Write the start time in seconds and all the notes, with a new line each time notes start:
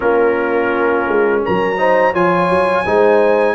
0.00 A#3 C#4 F4 A#4
1.07 G#3
1.44 F#3 A#4 A#5
1.77 D#4 C5
2.12 F3 F4 C#5 G#5
2.49 F#3
2.85 G#3 D#4 C5